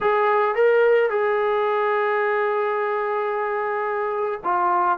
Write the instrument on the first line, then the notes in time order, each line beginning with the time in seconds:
trombone
0.01 G#4
0.55 A#4
1.10 G#4
4.43 F4